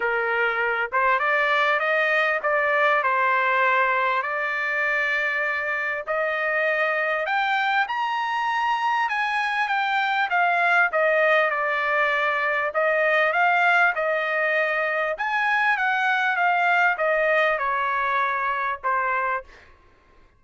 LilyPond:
\new Staff \with { instrumentName = "trumpet" } { \time 4/4 \tempo 4 = 99 ais'4. c''8 d''4 dis''4 | d''4 c''2 d''4~ | d''2 dis''2 | g''4 ais''2 gis''4 |
g''4 f''4 dis''4 d''4~ | d''4 dis''4 f''4 dis''4~ | dis''4 gis''4 fis''4 f''4 | dis''4 cis''2 c''4 | }